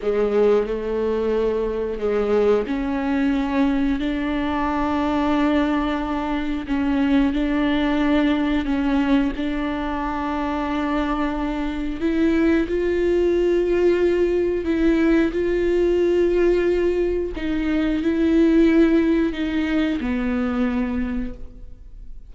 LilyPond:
\new Staff \with { instrumentName = "viola" } { \time 4/4 \tempo 4 = 90 gis4 a2 gis4 | cis'2 d'2~ | d'2 cis'4 d'4~ | d'4 cis'4 d'2~ |
d'2 e'4 f'4~ | f'2 e'4 f'4~ | f'2 dis'4 e'4~ | e'4 dis'4 b2 | }